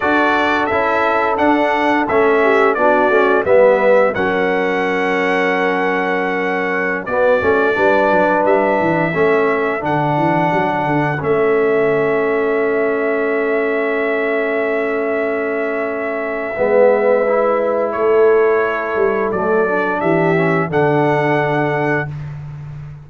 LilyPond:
<<
  \new Staff \with { instrumentName = "trumpet" } { \time 4/4 \tempo 4 = 87 d''4 e''4 fis''4 e''4 | d''4 e''4 fis''2~ | fis''2~ fis''16 d''4.~ d''16~ | d''16 e''2 fis''4.~ fis''16~ |
fis''16 e''2.~ e''8.~ | e''1~ | e''2 cis''2 | d''4 e''4 fis''2 | }
  \new Staff \with { instrumentName = "horn" } { \time 4/4 a'2.~ a'8 g'8 | fis'4 b'4 ais'2~ | ais'2~ ais'16 fis'4 b'8.~ | b'4~ b'16 a'2~ a'8.~ |
a'1~ | a'1 | b'2 a'2~ | a'4 g'4 a'2 | }
  \new Staff \with { instrumentName = "trombone" } { \time 4/4 fis'4 e'4 d'4 cis'4 | d'8 cis'8 b4 cis'2~ | cis'2~ cis'16 b8 cis'8 d'8.~ | d'4~ d'16 cis'4 d'4.~ d'16~ |
d'16 cis'2.~ cis'8.~ | cis'1 | b4 e'2. | a8 d'4 cis'8 d'2 | }
  \new Staff \with { instrumentName = "tuba" } { \time 4/4 d'4 cis'4 d'4 a4 | b8 a8 g4 fis2~ | fis2~ fis16 b8 a8 g8 fis16~ | fis16 g8 e8 a4 d8 e8 fis8 d16~ |
d16 a2.~ a8.~ | a1 | gis2 a4. g8 | fis4 e4 d2 | }
>>